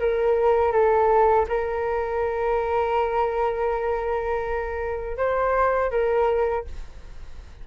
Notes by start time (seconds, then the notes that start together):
0.00 A#4
0.72 A4
1.48 A#4
5.17 C5
5.91 A#4